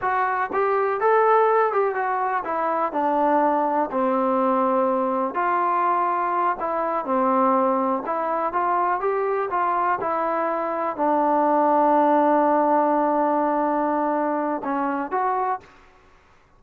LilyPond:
\new Staff \with { instrumentName = "trombone" } { \time 4/4 \tempo 4 = 123 fis'4 g'4 a'4. g'8 | fis'4 e'4 d'2 | c'2. f'4~ | f'4. e'4 c'4.~ |
c'8 e'4 f'4 g'4 f'8~ | f'8 e'2 d'4.~ | d'1~ | d'2 cis'4 fis'4 | }